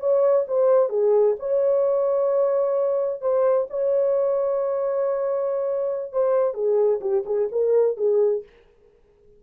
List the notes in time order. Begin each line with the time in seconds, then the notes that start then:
0.00 C#5
0.48 C5
0.90 G#4
1.40 C#5
3.22 C5
3.70 C#5
6.13 C5
6.54 G#4
7.01 G4
7.26 G#4
7.52 A#4
7.97 G#4